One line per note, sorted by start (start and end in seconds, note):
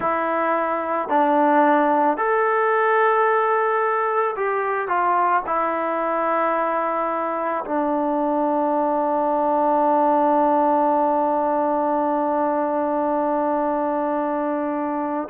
0.00 1.09 E4
1.09 2.17 D4
2.17 4.35 A4
4.35 4.87 G4
4.87 5.42 F4
5.46 7.64 E4
7.65 15.28 D4